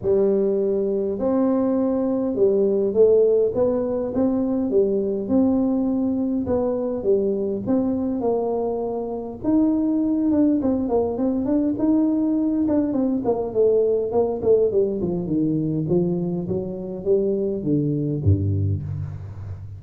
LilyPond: \new Staff \with { instrumentName = "tuba" } { \time 4/4 \tempo 4 = 102 g2 c'2 | g4 a4 b4 c'4 | g4 c'2 b4 | g4 c'4 ais2 |
dis'4. d'8 c'8 ais8 c'8 d'8 | dis'4. d'8 c'8 ais8 a4 | ais8 a8 g8 f8 dis4 f4 | fis4 g4 d4 g,4 | }